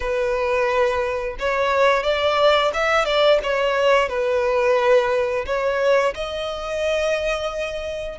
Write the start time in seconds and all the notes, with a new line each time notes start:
0.00 B4
1.39 C#5
2.03 D5
2.73 E5
3.05 D5
3.43 C#5
4.08 B4
5.45 C#5
6.14 D#5